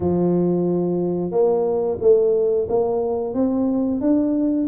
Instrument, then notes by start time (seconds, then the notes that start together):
tuba
0.00 F3
1.31 A#3
2.01 A3
2.68 A#3
3.34 C4
4.01 D4